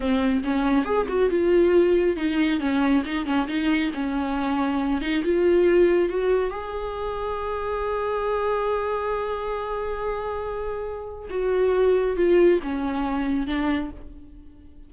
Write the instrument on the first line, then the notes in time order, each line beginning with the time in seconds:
viola
0.00 C4
0.44 C#4
0.85 G#4
1.08 F#4
1.30 F4
2.16 D#4
2.60 C#4
3.05 D#4
3.25 C#4
3.47 D#4
3.93 C#4
5.01 D#4
5.24 F4
6.09 F#4
6.50 G#4
11.29 F#4
12.16 F4
12.62 C#4
13.46 D4